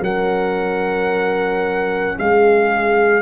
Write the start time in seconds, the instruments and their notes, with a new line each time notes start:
0.00 tuba F#3, trombone C#4, horn A#4, trumpet F#5
2.18 tuba G#3, horn G#4, trumpet F5